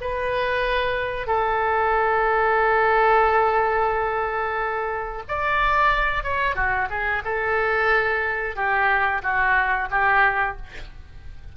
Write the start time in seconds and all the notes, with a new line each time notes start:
0.00 B4
1.26 A4
5.27 D5
6.23 C#5
6.55 F#4
6.89 G#4
7.24 A4
8.55 G4
9.22 F#4
9.90 G4